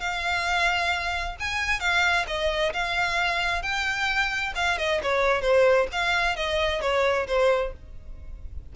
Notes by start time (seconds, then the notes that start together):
0.00 F5
1.39 G#5
1.80 F5
2.27 D#5
2.73 F5
3.62 G5
4.55 F5
4.78 D#5
5.02 C#5
5.42 C5
5.92 F5
6.36 D#5
6.81 C#5
7.27 C5